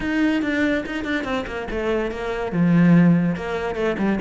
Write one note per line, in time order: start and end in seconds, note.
0.00 0.42 D#4
0.42 0.84 D4
0.85 1.04 D#4
1.04 1.24 D4
1.24 1.45 C4
1.46 1.67 A#3
1.70 2.11 A3
2.11 2.52 A#3
2.52 3.35 F3
3.35 3.75 A#3
3.75 3.96 A3
3.98 4.19 G3